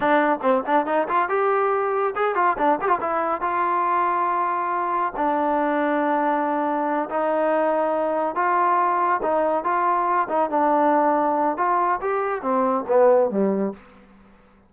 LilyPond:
\new Staff \with { instrumentName = "trombone" } { \time 4/4 \tempo 4 = 140 d'4 c'8 d'8 dis'8 f'8 g'4~ | g'4 gis'8 f'8 d'8 g'16 f'16 e'4 | f'1 | d'1~ |
d'8 dis'2. f'8~ | f'4. dis'4 f'4. | dis'8 d'2~ d'8 f'4 | g'4 c'4 b4 g4 | }